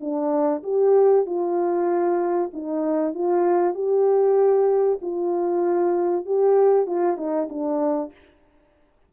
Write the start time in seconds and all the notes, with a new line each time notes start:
0.00 D4
0.63 G4
1.26 F4
2.53 D#4
3.14 F4
3.74 G4
5.01 F4
6.26 G4
6.86 F4
7.17 D#4
7.49 D4